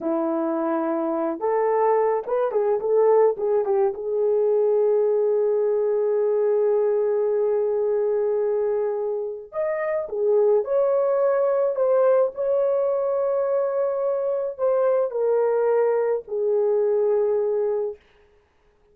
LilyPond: \new Staff \with { instrumentName = "horn" } { \time 4/4 \tempo 4 = 107 e'2~ e'8 a'4. | b'8 gis'8 a'4 gis'8 g'8 gis'4~ | gis'1~ | gis'1~ |
gis'4 dis''4 gis'4 cis''4~ | cis''4 c''4 cis''2~ | cis''2 c''4 ais'4~ | ais'4 gis'2. | }